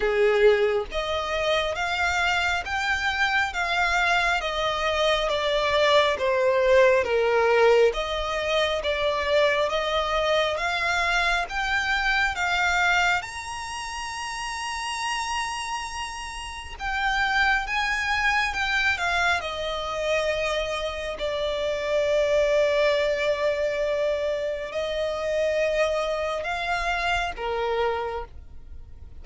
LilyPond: \new Staff \with { instrumentName = "violin" } { \time 4/4 \tempo 4 = 68 gis'4 dis''4 f''4 g''4 | f''4 dis''4 d''4 c''4 | ais'4 dis''4 d''4 dis''4 | f''4 g''4 f''4 ais''4~ |
ais''2. g''4 | gis''4 g''8 f''8 dis''2 | d''1 | dis''2 f''4 ais'4 | }